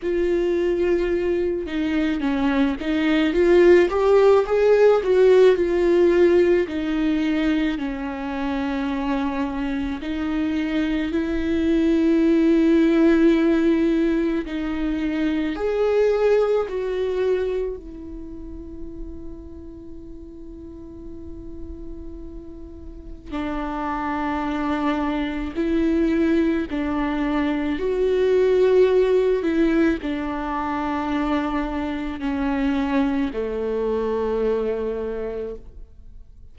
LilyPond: \new Staff \with { instrumentName = "viola" } { \time 4/4 \tempo 4 = 54 f'4. dis'8 cis'8 dis'8 f'8 g'8 | gis'8 fis'8 f'4 dis'4 cis'4~ | cis'4 dis'4 e'2~ | e'4 dis'4 gis'4 fis'4 |
e'1~ | e'4 d'2 e'4 | d'4 fis'4. e'8 d'4~ | d'4 cis'4 a2 | }